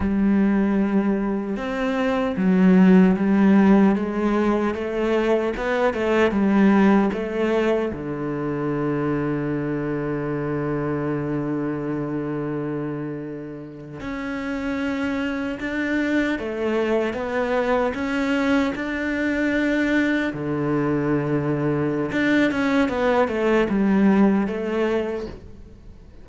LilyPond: \new Staff \with { instrumentName = "cello" } { \time 4/4 \tempo 4 = 76 g2 c'4 fis4 | g4 gis4 a4 b8 a8 | g4 a4 d2~ | d1~ |
d4.~ d16 cis'2 d'16~ | d'8. a4 b4 cis'4 d'16~ | d'4.~ d'16 d2~ d16 | d'8 cis'8 b8 a8 g4 a4 | }